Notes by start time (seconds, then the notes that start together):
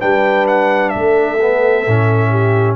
0.00 G3 D4 B4 G5
0.47 F#5
0.89 A3 E5
0.96 A4
1.41 B3
1.87 A2 C#4
2.30 G4